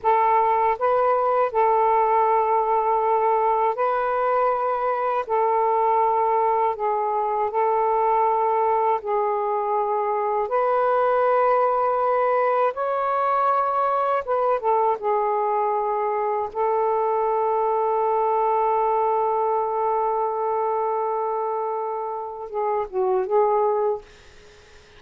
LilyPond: \new Staff \with { instrumentName = "saxophone" } { \time 4/4 \tempo 4 = 80 a'4 b'4 a'2~ | a'4 b'2 a'4~ | a'4 gis'4 a'2 | gis'2 b'2~ |
b'4 cis''2 b'8 a'8 | gis'2 a'2~ | a'1~ | a'2 gis'8 fis'8 gis'4 | }